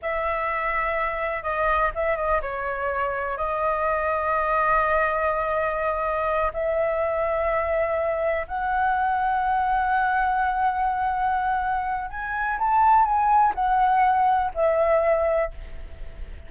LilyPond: \new Staff \with { instrumentName = "flute" } { \time 4/4 \tempo 4 = 124 e''2. dis''4 | e''8 dis''8 cis''2 dis''4~ | dis''1~ | dis''4. e''2~ e''8~ |
e''4. fis''2~ fis''8~ | fis''1~ | fis''4 gis''4 a''4 gis''4 | fis''2 e''2 | }